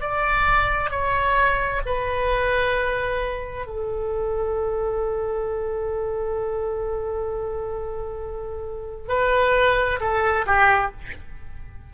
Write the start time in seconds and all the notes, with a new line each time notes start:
0.00 D5
0.90 C#5
1.86 B4
3.66 A4
9.08 B4
10.00 A4
10.46 G4